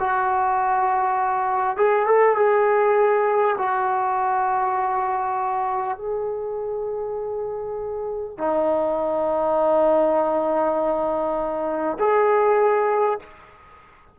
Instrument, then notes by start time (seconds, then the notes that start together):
trombone
0.00 F#4
1.77 G#4
2.06 A4
2.37 G#4
3.58 F#4
5.98 G#4
8.38 D#4
11.99 G#4